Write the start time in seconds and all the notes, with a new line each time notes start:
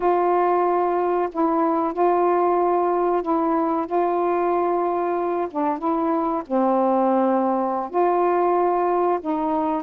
0.00 F4
1.31 E4
1.93 F4
3.22 E4
3.86 F4
5.50 D4
5.78 E4
6.46 C4
7.90 F4
9.21 D#4